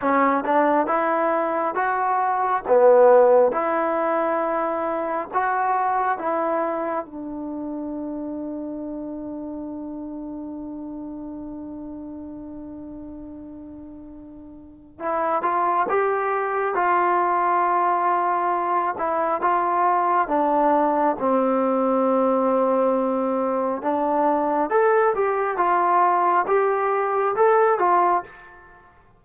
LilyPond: \new Staff \with { instrumentName = "trombone" } { \time 4/4 \tempo 4 = 68 cis'8 d'8 e'4 fis'4 b4 | e'2 fis'4 e'4 | d'1~ | d'1~ |
d'4 e'8 f'8 g'4 f'4~ | f'4. e'8 f'4 d'4 | c'2. d'4 | a'8 g'8 f'4 g'4 a'8 f'8 | }